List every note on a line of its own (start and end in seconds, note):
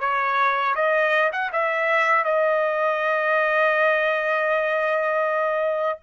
0.00 0.75 C#5
0.75 1.31 D#5
1.32 1.51 F#5
1.52 2.24 E5
2.24 5.99 D#5